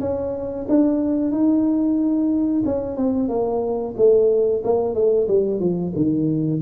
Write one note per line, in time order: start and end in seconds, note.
0.00 0.66 C#4
0.68 1.31 D4
1.31 2.63 D#4
2.65 2.96 C#4
2.96 3.28 C4
3.28 3.94 A#3
3.97 4.63 A3
4.64 4.94 A#3
4.94 5.27 A3
5.28 5.59 G3
5.59 5.92 F3
5.95 6.61 D#3